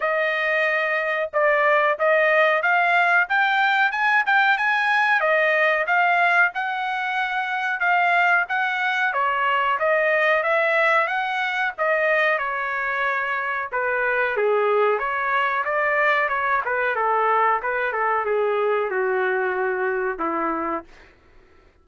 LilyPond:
\new Staff \with { instrumentName = "trumpet" } { \time 4/4 \tempo 4 = 92 dis''2 d''4 dis''4 | f''4 g''4 gis''8 g''8 gis''4 | dis''4 f''4 fis''2 | f''4 fis''4 cis''4 dis''4 |
e''4 fis''4 dis''4 cis''4~ | cis''4 b'4 gis'4 cis''4 | d''4 cis''8 b'8 a'4 b'8 a'8 | gis'4 fis'2 e'4 | }